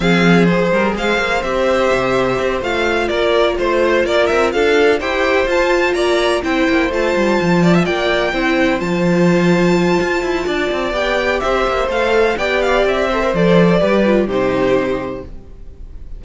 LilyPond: <<
  \new Staff \with { instrumentName = "violin" } { \time 4/4 \tempo 4 = 126 f''4 c''4 f''4 e''4~ | e''4. f''4 d''4 c''8~ | c''8 d''8 e''8 f''4 g''4 a''8~ | a''8 ais''4 g''4 a''4.~ |
a''8 g''2 a''4.~ | a''2. g''4 | e''4 f''4 g''8 f''8 e''4 | d''2 c''2 | }
  \new Staff \with { instrumentName = "violin" } { \time 4/4 gis'4. ais'8 c''2~ | c''2~ c''8 ais'4 c''8~ | c''8 ais'4 a'4 c''4.~ | c''8 d''4 c''2~ c''8 |
d''16 e''16 d''4 c''2~ c''8~ | c''2 d''2 | c''2 d''4. c''8~ | c''4 b'4 g'2 | }
  \new Staff \with { instrumentName = "viola" } { \time 4/4 c'4 gis'2 g'4~ | g'4. f'2~ f'8~ | f'2~ f'8 g'4 f'8~ | f'4. e'4 f'4.~ |
f'4. e'4 f'4.~ | f'2. g'4~ | g'4 a'4 g'4. a'16 ais'16 | a'4 g'8 f'8 dis'2 | }
  \new Staff \with { instrumentName = "cello" } { \time 4/4 f4. g8 gis8 ais8 c'4 | c4 c'8 a4 ais4 a8~ | a8 ais8 c'8 d'4 e'4 f'8~ | f'8 ais4 c'8 ais8 a8 g8 f8~ |
f8 ais4 c'4 f4.~ | f4 f'8 e'8 d'8 c'8 b4 | c'8 ais8 a4 b4 c'4 | f4 g4 c2 | }
>>